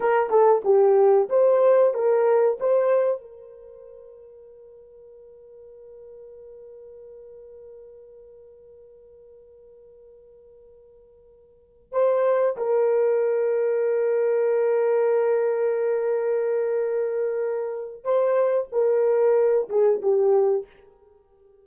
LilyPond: \new Staff \with { instrumentName = "horn" } { \time 4/4 \tempo 4 = 93 ais'8 a'8 g'4 c''4 ais'4 | c''4 ais'2.~ | ais'1~ | ais'1~ |
ais'2~ ais'8 c''4 ais'8~ | ais'1~ | ais'1 | c''4 ais'4. gis'8 g'4 | }